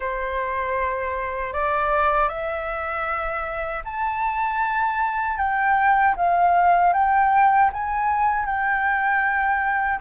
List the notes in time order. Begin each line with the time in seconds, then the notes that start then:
0.00 C5
1.53 D5
2.28 E5
3.84 A5
5.37 G5
6.16 F5
6.93 G5
7.72 G#5
8.45 G5